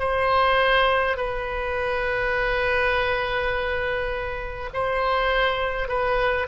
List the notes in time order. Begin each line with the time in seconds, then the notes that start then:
0.00 C5
1.17 B4
4.74 C5
5.89 B4